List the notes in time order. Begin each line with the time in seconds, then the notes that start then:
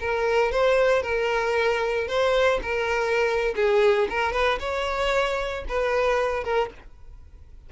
0.00 A#4
0.52 C5
1.02 A#4
2.07 C5
2.62 A#4
3.56 G#4
4.09 A#4
4.33 B4
4.60 C#5
5.68 B4
6.44 A#4